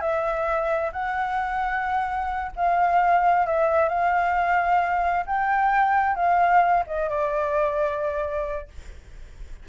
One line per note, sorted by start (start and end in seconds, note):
0.00 0.91 E5
0.92 2.51 F#5
2.56 3.46 F5
3.46 3.88 E5
3.88 5.25 F5
5.26 6.15 G5
6.15 6.83 F5
6.87 7.09 D#5
7.09 8.68 D5